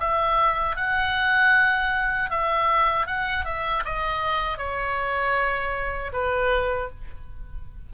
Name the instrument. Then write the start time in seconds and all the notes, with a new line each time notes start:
oboe
0.00 E5
0.77 F#5
2.31 E5
3.07 F#5
3.45 E5
3.85 D#5
4.58 C#5
6.13 B4